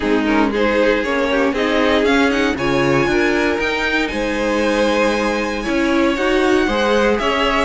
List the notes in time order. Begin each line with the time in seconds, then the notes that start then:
0.00 G#3 C4 D#4 G#4
0.25 C#4 A#4
0.50 D#4 G#4 C5
1.03 A#3 C#4 C#5
1.30 G4
1.52 C4 D#4 G#4 D#5
2.03 C#4 F5
2.30 D#4 F#5
2.56 C#3 F4 C#5 G#5
3.06 D4 A#4
3.58 D#4 G5
4.07 G#3 C5 G#5
5.62 C#4 E4 C#5
6.15 D#4 F#4 F#5
6.66 G#3 G#4 C5
7.18 C#4 C#5 E5